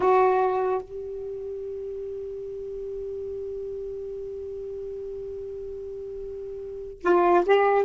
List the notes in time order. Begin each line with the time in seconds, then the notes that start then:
0.00 F#4
0.81 G4
7.02 F4
7.45 G4